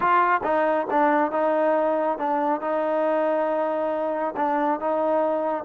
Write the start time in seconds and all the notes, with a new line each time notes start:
0.00 F4
0.43 D#4
0.90 D4
1.31 D#4
2.18 D4
2.60 D#4
4.36 D4
4.79 D#4